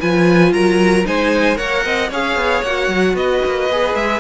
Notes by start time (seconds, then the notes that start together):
0.00 F3 F4 B4 G#5
0.53 F#3 A#4 A#5
1.04 G#3 D#4 C5 G#5
1.55 A#3 A#4 C#5 F#5
1.85 C4 D#5
2.09 C#4 G#4 C#5 F5
2.36 B3
2.62 A#3 F#4 F#5
2.88 F#3
3.14 B3 B4 D#5
3.45 A#3
3.69 B3 G#4
3.94 G#3 E5